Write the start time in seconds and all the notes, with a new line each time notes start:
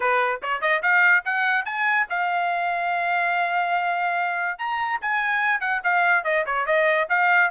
0.00 B4
0.42 C#5
0.61 D#5
0.82 F5
1.24 F#5
1.65 G#5
2.09 F5
4.58 A#5
5.01 G#5
5.60 F#5
5.83 F5
6.24 D#5
6.46 C#5
6.66 D#5
7.09 F5